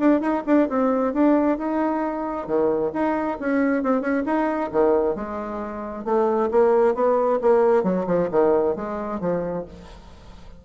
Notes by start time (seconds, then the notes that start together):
0.00 D4
0.21 D#4
0.47 D4
0.69 C4
1.14 D4
1.59 D#4
2.47 D#3
2.94 D#4
3.40 C#4
3.84 C4
4.01 C#4
4.26 D#4
4.72 D#3
5.16 G#3
6.05 A3
6.51 A#3
6.95 B3
7.42 A#3
7.84 F#3
8.07 F3
8.31 D#3
8.76 G#3
9.21 F3